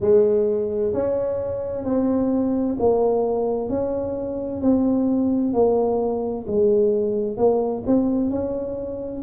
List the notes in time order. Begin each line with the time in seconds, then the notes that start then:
0.00 G#3
0.93 C#4
1.84 C4
2.79 A#3
3.69 C#4
4.61 C4
5.53 A#3
6.47 G#3
7.37 A#3
7.86 C4
8.30 C#4